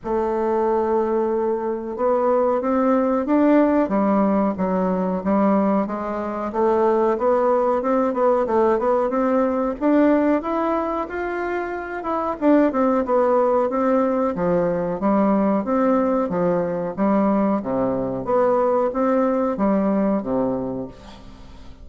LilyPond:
\new Staff \with { instrumentName = "bassoon" } { \time 4/4 \tempo 4 = 92 a2. b4 | c'4 d'4 g4 fis4 | g4 gis4 a4 b4 | c'8 b8 a8 b8 c'4 d'4 |
e'4 f'4. e'8 d'8 c'8 | b4 c'4 f4 g4 | c'4 f4 g4 c4 | b4 c'4 g4 c4 | }